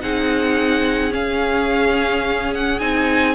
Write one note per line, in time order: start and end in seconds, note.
0.00 1.13 C4
0.00 1.10 D#4
0.00 3.35 G#4
0.00 1.13 F#5
1.10 2.78 C#4
1.10 2.81 C#4
1.10 2.54 F5
2.55 2.79 F#5
2.79 3.35 C4
2.79 3.35 D#4
2.79 3.35 G#5